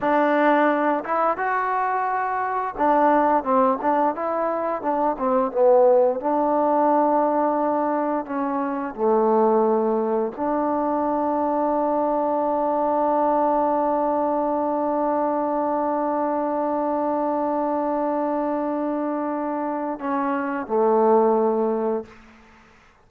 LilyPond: \new Staff \with { instrumentName = "trombone" } { \time 4/4 \tempo 4 = 87 d'4. e'8 fis'2 | d'4 c'8 d'8 e'4 d'8 c'8 | b4 d'2. | cis'4 a2 d'4~ |
d'1~ | d'1~ | d'1~ | d'4 cis'4 a2 | }